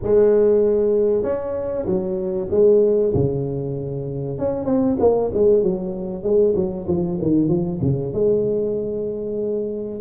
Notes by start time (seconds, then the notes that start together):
0.02 G#3
1.22 C#4
1.86 F#3
2.50 G#3
3.14 C#3
4.38 C#4
4.65 C4
4.99 A#3
5.33 G#3
5.62 F#3
6.23 G#3
6.55 F#3
6.88 F3
7.21 D#3
7.48 F3
7.81 C#3
8.12 G#3